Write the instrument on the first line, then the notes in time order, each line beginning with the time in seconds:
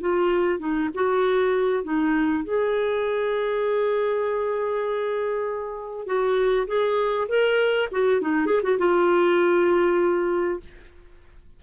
clarinet
0.00 F4
0.59 D#4
0.94 F#4
1.83 D#4
2.44 G#4
6.06 F#4
6.67 G#4
7.28 A#4
7.91 F#4
8.21 D#4
8.46 G#4
8.63 F#4
8.78 F4